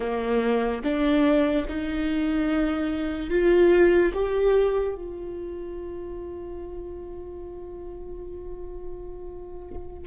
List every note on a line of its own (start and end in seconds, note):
0.00 0.82 A#3
0.83 1.65 D4
1.68 3.30 D#4
3.30 4.12 F4
4.13 4.94 G4
4.94 10.06 F4